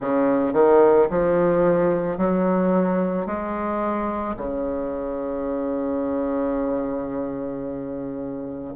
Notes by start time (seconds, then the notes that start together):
0.00 C#3
0.53 D#3
1.10 F3
2.17 F#3
3.26 G#3
4.37 C#3